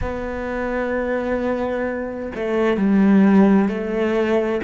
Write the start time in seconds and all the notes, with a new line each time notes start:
0.01 B3
2.35 A3
2.77 G3
3.68 A3